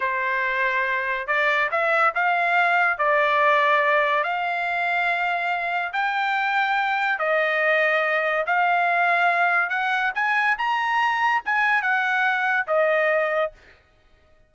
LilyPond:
\new Staff \with { instrumentName = "trumpet" } { \time 4/4 \tempo 4 = 142 c''2. d''4 | e''4 f''2 d''4~ | d''2 f''2~ | f''2 g''2~ |
g''4 dis''2. | f''2. fis''4 | gis''4 ais''2 gis''4 | fis''2 dis''2 | }